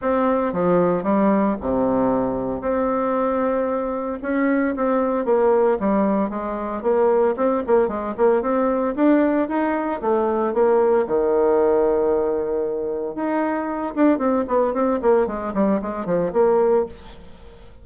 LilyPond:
\new Staff \with { instrumentName = "bassoon" } { \time 4/4 \tempo 4 = 114 c'4 f4 g4 c4~ | c4 c'2. | cis'4 c'4 ais4 g4 | gis4 ais4 c'8 ais8 gis8 ais8 |
c'4 d'4 dis'4 a4 | ais4 dis2.~ | dis4 dis'4. d'8 c'8 b8 | c'8 ais8 gis8 g8 gis8 f8 ais4 | }